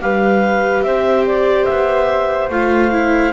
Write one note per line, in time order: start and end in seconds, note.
0.00 0.82 G3
0.00 2.50 G4
0.00 0.85 B4
0.00 0.82 F5
0.82 1.65 C4
0.82 3.32 C5
0.82 1.24 E5
1.26 1.64 D5
1.64 2.49 B3
1.64 2.48 E5
2.49 3.32 A3
2.49 2.91 F4
2.49 3.32 F5
2.91 3.32 E4